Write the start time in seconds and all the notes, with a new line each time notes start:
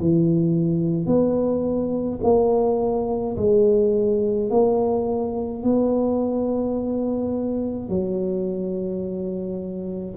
0.00 E3
1.07 B3
2.23 A#3
3.37 G#3
4.50 A#3
5.63 B3
7.89 F#3